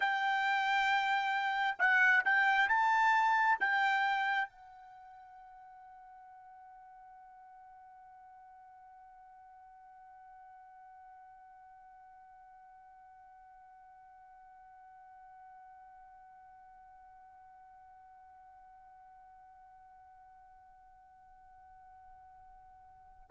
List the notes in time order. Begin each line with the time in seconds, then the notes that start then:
0.00 G5
1.78 F#5
2.24 G5
2.68 A5
3.59 G5
4.49 F#5